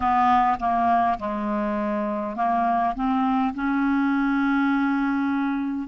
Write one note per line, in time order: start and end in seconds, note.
0.00 0.58 B3
0.59 1.18 A#3
1.19 2.35 G#3
2.35 2.94 A#3
2.95 3.53 C4
3.54 5.88 C#4